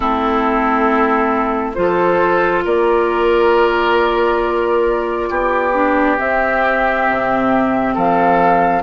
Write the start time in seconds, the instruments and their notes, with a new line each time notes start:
0.00 bassoon A3, clarinet C4, oboe E4, flute A4
1.74 bassoon F3, clarinet F4, flute C5
1.80 oboe A4
2.64 bassoon A#3, oboe A#4, flute D5
5.29 bassoon B3, oboe G4
5.73 clarinet D4
6.18 clarinet C4, bassoon C4, flute E5
7.09 bassoon C3
7.94 bassoon F3, oboe A4, flute F5